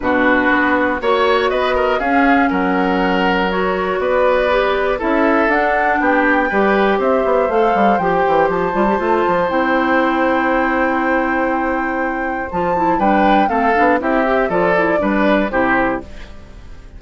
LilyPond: <<
  \new Staff \with { instrumentName = "flute" } { \time 4/4 \tempo 4 = 120 b'2 cis''4 dis''4 | f''4 fis''2 cis''4 | d''2 e''4 fis''4 | g''2 e''4 f''4 |
g''4 a''2 g''4~ | g''1~ | g''4 a''4 g''4 f''4 | e''4 d''2 c''4 | }
  \new Staff \with { instrumentName = "oboe" } { \time 4/4 fis'2 cis''4 b'8 ais'8 | gis'4 ais'2. | b'2 a'2 | g'4 b'4 c''2~ |
c''1~ | c''1~ | c''2 b'4 a'4 | g'4 a'4 b'4 g'4 | }
  \new Staff \with { instrumentName = "clarinet" } { \time 4/4 d'2 fis'2 | cis'2. fis'4~ | fis'4 g'4 e'4 d'4~ | d'4 g'2 a'4 |
g'4. f'16 g'16 f'4 e'4~ | e'1~ | e'4 f'8 e'8 d'4 c'8 d'8 | e'8 g'8 f'8 e'8 d'4 e'4 | }
  \new Staff \with { instrumentName = "bassoon" } { \time 4/4 b,4 b4 ais4 b4 | cis'4 fis2. | b2 cis'4 d'4 | b4 g4 c'8 b8 a8 g8 |
f8 e8 f8 g8 a8 f8 c'4~ | c'1~ | c'4 f4 g4 a8 b8 | c'4 f4 g4 c4 | }
>>